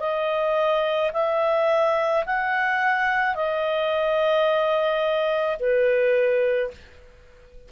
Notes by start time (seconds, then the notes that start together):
0.00 D#5
1.14 E5
2.26 F#5
3.35 D#5
5.60 B4